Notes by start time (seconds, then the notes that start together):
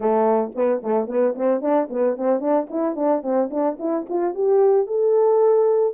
0.00 A3
0.55 B3
0.83 A3
1.07 B3
1.35 C4
1.61 D4
1.89 B3
2.16 C4
2.40 D4
2.70 E4
2.95 D4
3.22 C4
3.50 D4
3.79 E4
4.09 F4
4.34 G4
4.86 A4